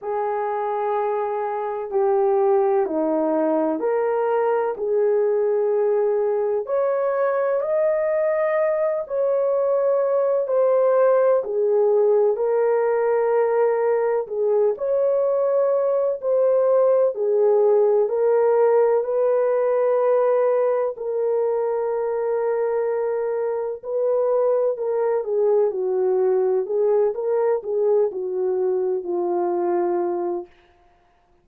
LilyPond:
\new Staff \with { instrumentName = "horn" } { \time 4/4 \tempo 4 = 63 gis'2 g'4 dis'4 | ais'4 gis'2 cis''4 | dis''4. cis''4. c''4 | gis'4 ais'2 gis'8 cis''8~ |
cis''4 c''4 gis'4 ais'4 | b'2 ais'2~ | ais'4 b'4 ais'8 gis'8 fis'4 | gis'8 ais'8 gis'8 fis'4 f'4. | }